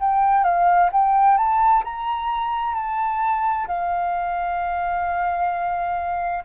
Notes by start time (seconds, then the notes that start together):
0.00 G5
0.44 F5
0.92 G5
1.37 A5
1.85 A#5
2.75 A5
3.68 F5